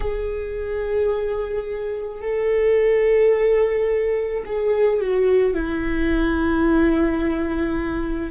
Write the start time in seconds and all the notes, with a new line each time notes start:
0.00 G#4
2.21 A4
4.45 G#4
5.00 F#4
5.54 E4